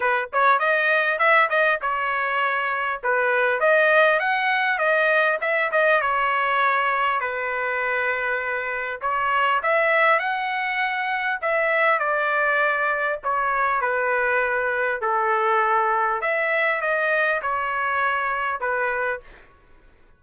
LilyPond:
\new Staff \with { instrumentName = "trumpet" } { \time 4/4 \tempo 4 = 100 b'8 cis''8 dis''4 e''8 dis''8 cis''4~ | cis''4 b'4 dis''4 fis''4 | dis''4 e''8 dis''8 cis''2 | b'2. cis''4 |
e''4 fis''2 e''4 | d''2 cis''4 b'4~ | b'4 a'2 e''4 | dis''4 cis''2 b'4 | }